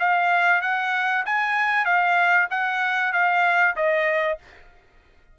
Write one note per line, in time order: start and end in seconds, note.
0.00 0.62 F5
0.62 1.25 F#5
1.26 1.86 G#5
1.86 2.48 F5
2.51 3.13 F#5
3.13 3.76 F5
3.76 4.39 D#5